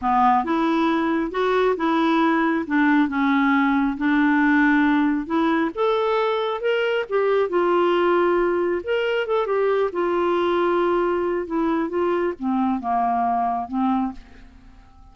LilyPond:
\new Staff \with { instrumentName = "clarinet" } { \time 4/4 \tempo 4 = 136 b4 e'2 fis'4 | e'2 d'4 cis'4~ | cis'4 d'2. | e'4 a'2 ais'4 |
g'4 f'2. | ais'4 a'8 g'4 f'4.~ | f'2 e'4 f'4 | c'4 ais2 c'4 | }